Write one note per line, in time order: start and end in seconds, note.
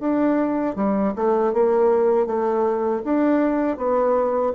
0.00 0.76 D4
0.76 1.14 G3
1.16 1.54 A3
1.54 2.27 A#3
2.27 3.03 A3
3.05 3.78 D4
3.78 4.54 B3